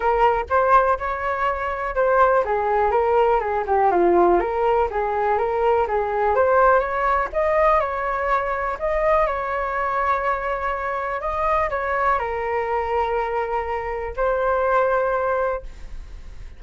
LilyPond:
\new Staff \with { instrumentName = "flute" } { \time 4/4 \tempo 4 = 123 ais'4 c''4 cis''2 | c''4 gis'4 ais'4 gis'8 g'8 | f'4 ais'4 gis'4 ais'4 | gis'4 c''4 cis''4 dis''4 |
cis''2 dis''4 cis''4~ | cis''2. dis''4 | cis''4 ais'2.~ | ais'4 c''2. | }